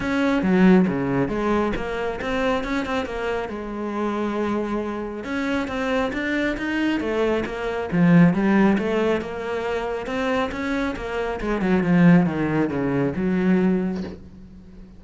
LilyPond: \new Staff \with { instrumentName = "cello" } { \time 4/4 \tempo 4 = 137 cis'4 fis4 cis4 gis4 | ais4 c'4 cis'8 c'8 ais4 | gis1 | cis'4 c'4 d'4 dis'4 |
a4 ais4 f4 g4 | a4 ais2 c'4 | cis'4 ais4 gis8 fis8 f4 | dis4 cis4 fis2 | }